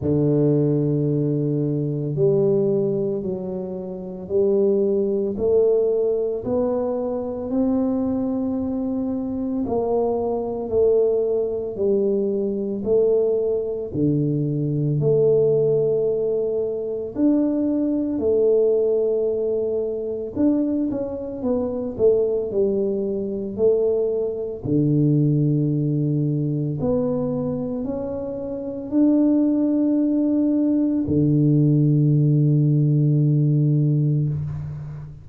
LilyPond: \new Staff \with { instrumentName = "tuba" } { \time 4/4 \tempo 4 = 56 d2 g4 fis4 | g4 a4 b4 c'4~ | c'4 ais4 a4 g4 | a4 d4 a2 |
d'4 a2 d'8 cis'8 | b8 a8 g4 a4 d4~ | d4 b4 cis'4 d'4~ | d'4 d2. | }